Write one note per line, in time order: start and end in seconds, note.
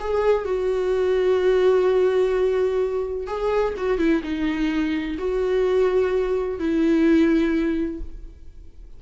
0.00 0.45 G#4
0.45 3.27 F#4
3.27 3.75 G#4
3.77 3.99 F#4
3.99 4.22 E4
4.23 5.18 D#4
5.18 6.59 F#4
6.59 8.01 E4